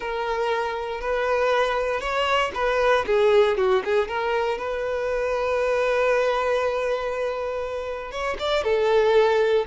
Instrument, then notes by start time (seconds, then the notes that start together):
violin
0.00 A#4
1.00 B4
2.00 C#5
2.54 B4
3.06 G#4
3.57 F#4
3.84 G#4
4.07 A#4
4.58 B4
8.11 C#5
8.39 D5
8.63 A4